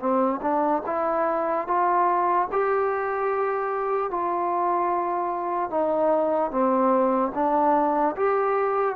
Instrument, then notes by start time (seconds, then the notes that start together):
trombone
0.00 C4
0.42 D4
0.87 E4
1.68 F4
2.52 G4
4.11 F4
5.71 D#4
6.51 C4
7.35 D4
8.17 G4